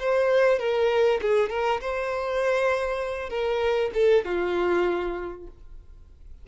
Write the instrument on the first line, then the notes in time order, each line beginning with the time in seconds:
violin
0.00 C5
0.60 A#4
1.22 G#4
1.50 A#4
1.81 C5
3.30 A#4
3.94 A4
4.25 F4